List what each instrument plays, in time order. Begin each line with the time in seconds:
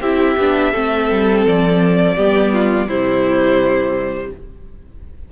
0.00 cello C4, viola E4, violin G4 E5
0.37 cello B3, viola D4
0.72 cello A3, viola C4, violin A4
1.10 cello G3
1.46 cello F3, violin D5
2.16 cello G3, viola B3, violin G4
2.53 violin F4
2.87 cello C3, viola G3, violin E4 C5